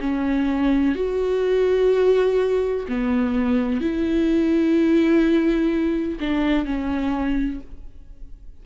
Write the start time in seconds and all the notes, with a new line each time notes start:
0.00 C#4
0.95 F#4
2.88 B3
3.81 E4
6.20 D4
6.65 C#4